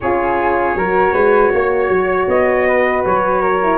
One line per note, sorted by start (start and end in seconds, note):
0.00 0.74 C#4
0.00 0.78 F4
0.00 0.77 G#4
0.00 2.28 C#5
0.74 1.12 F#3
0.74 3.62 F#4
0.74 1.13 A#4
1.13 1.51 G#3
1.13 1.51 B4
1.53 1.88 A#3
1.53 2.67 C#5
1.88 2.26 F#3
2.27 3.03 B3
2.27 3.05 D#5
2.67 3.41 B4
3.05 3.78 F#3
3.05 3.78 C#5
3.41 3.78 A#4
3.62 3.78 E4